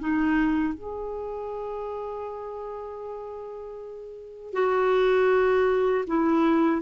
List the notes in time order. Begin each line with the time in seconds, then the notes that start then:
0.00 D#4
0.74 G#4
4.54 F#4
6.08 E4